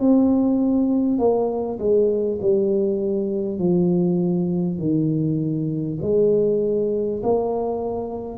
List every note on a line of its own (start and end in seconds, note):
0.00 1.19 C4
1.19 1.79 A#3
1.79 2.39 G#3
2.42 3.59 G3
3.59 4.78 F3
4.78 5.98 D#3
6.02 7.22 G#3
7.23 8.38 A#3